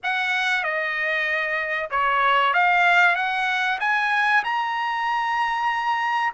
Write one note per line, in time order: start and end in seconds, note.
0.03 0.63 F#5
0.63 1.89 D#5
1.90 2.53 C#5
2.53 3.16 F5
3.16 3.79 F#5
3.80 4.43 G#5
4.44 6.33 A#5